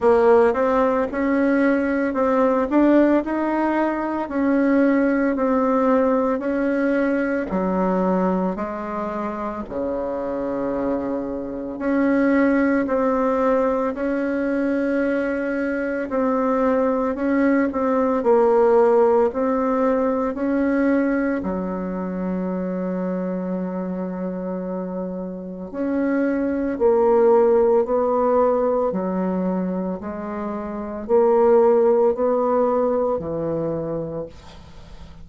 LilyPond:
\new Staff \with { instrumentName = "bassoon" } { \time 4/4 \tempo 4 = 56 ais8 c'8 cis'4 c'8 d'8 dis'4 | cis'4 c'4 cis'4 fis4 | gis4 cis2 cis'4 | c'4 cis'2 c'4 |
cis'8 c'8 ais4 c'4 cis'4 | fis1 | cis'4 ais4 b4 fis4 | gis4 ais4 b4 e4 | }